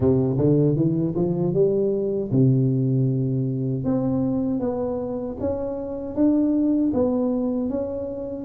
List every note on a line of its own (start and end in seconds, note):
0.00 0.36 C3
0.37 0.76 D3
0.76 1.14 E3
1.15 1.53 F3
1.53 2.30 G3
2.31 3.84 C3
3.84 4.59 C4
4.59 5.36 B3
5.40 6.15 C#4
6.15 6.92 D4
6.93 7.69 B3
7.69 8.44 C#4